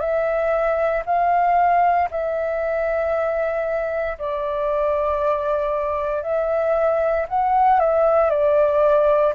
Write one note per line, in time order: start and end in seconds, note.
0.00 1.03 E5
1.06 2.09 F5
2.11 4.18 E5
4.18 6.23 D5
6.23 7.26 E5
7.28 7.80 F#5
7.80 8.30 E5
8.30 9.34 D5